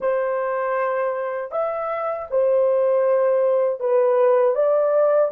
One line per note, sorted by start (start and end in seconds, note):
0.00 1.51 C5
1.51 2.27 E5
2.30 3.80 C5
3.80 4.55 B4
4.55 5.31 D5